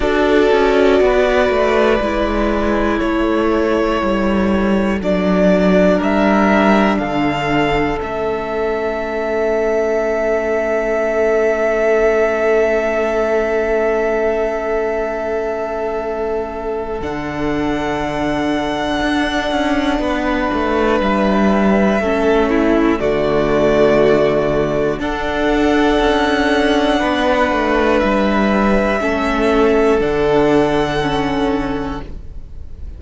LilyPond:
<<
  \new Staff \with { instrumentName = "violin" } { \time 4/4 \tempo 4 = 60 d''2. cis''4~ | cis''4 d''4 e''4 f''4 | e''1~ | e''1~ |
e''4 fis''2.~ | fis''4 e''2 d''4~ | d''4 fis''2. | e''2 fis''2 | }
  \new Staff \with { instrumentName = "violin" } { \time 4/4 a'4 b'2 a'4~ | a'2 ais'4 a'4~ | a'1~ | a'1~ |
a'1 | b'2 a'8 e'8 fis'4~ | fis'4 a'2 b'4~ | b'4 a'2. | }
  \new Staff \with { instrumentName = "viola" } { \time 4/4 fis'2 e'2~ | e'4 d'2. | cis'1~ | cis'1~ |
cis'4 d'2.~ | d'2 cis'4 a4~ | a4 d'2.~ | d'4 cis'4 d'4 cis'4 | }
  \new Staff \with { instrumentName = "cello" } { \time 4/4 d'8 cis'8 b8 a8 gis4 a4 | g4 fis4 g4 d4 | a1~ | a1~ |
a4 d2 d'8 cis'8 | b8 a8 g4 a4 d4~ | d4 d'4 cis'4 b8 a8 | g4 a4 d2 | }
>>